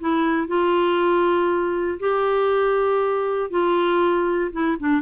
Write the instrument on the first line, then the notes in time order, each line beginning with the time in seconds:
clarinet
0.00 E4
0.48 F4
2.00 G4
3.50 F4
4.52 E4
4.80 D4